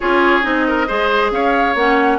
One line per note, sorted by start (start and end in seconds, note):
0.00 0.44 C#4
0.00 0.42 F4
0.00 0.67 G#4
0.00 0.43 C#5
0.42 0.88 C4
0.42 0.86 D#4
0.42 1.31 D#5
0.67 0.87 A#4
0.87 1.31 G#3
0.87 1.76 G#4
0.87 1.31 C5
1.31 1.75 C#4
1.31 2.18 C#5
1.31 1.76 F5
1.75 2.18 A#3
1.75 2.18 C#4
1.75 2.18 F#5